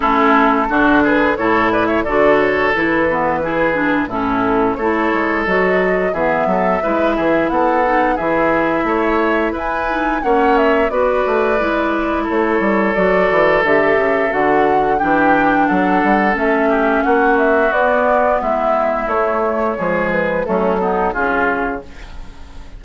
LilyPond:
<<
  \new Staff \with { instrumentName = "flute" } { \time 4/4 \tempo 4 = 88 a'4. b'8 cis''8 d''16 e''16 d''8 cis''8 | b'2 a'4 cis''4 | dis''4 e''2 fis''4 | e''2 gis''4 fis''8 e''8 |
d''2 cis''4 d''4 | e''4 fis''4 g''4 fis''4 | e''4 fis''8 e''8 d''4 e''4 | cis''4. b'8 a'4 gis'4 | }
  \new Staff \with { instrumentName = "oboe" } { \time 4/4 e'4 fis'8 gis'8 a'8 b'16 cis''16 a'4~ | a'4 gis'4 e'4 a'4~ | a'4 gis'8 a'8 b'8 gis'8 a'4 | gis'4 cis''4 b'4 cis''4 |
b'2 a'2~ | a'2 g'4 a'4~ | a'8 g'8 fis'2 e'4~ | e'4 gis'4 cis'8 dis'8 f'4 | }
  \new Staff \with { instrumentName = "clarinet" } { \time 4/4 cis'4 d'4 e'4 fis'4 | e'8 b8 e'8 d'8 cis'4 e'4 | fis'4 b4 e'4. dis'8 | e'2~ e'8 dis'8 cis'4 |
fis'4 e'2 fis'4 | g'4 fis'4 d'2 | cis'2 b2 | a4 gis4 a8 b8 cis'4 | }
  \new Staff \with { instrumentName = "bassoon" } { \time 4/4 a4 d4 a,4 d4 | e2 a,4 a8 gis8 | fis4 e8 fis8 gis8 e8 b4 | e4 a4 e'4 ais4 |
b8 a8 gis4 a8 g8 fis8 e8 | d8 cis8 d4 e4 fis8 g8 | a4 ais4 b4 gis4 | a4 f4 fis4 cis4 | }
>>